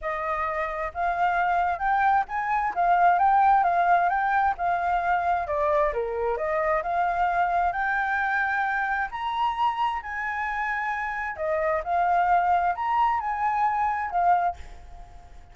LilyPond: \new Staff \with { instrumentName = "flute" } { \time 4/4 \tempo 4 = 132 dis''2 f''2 | g''4 gis''4 f''4 g''4 | f''4 g''4 f''2 | d''4 ais'4 dis''4 f''4~ |
f''4 g''2. | ais''2 gis''2~ | gis''4 dis''4 f''2 | ais''4 gis''2 f''4 | }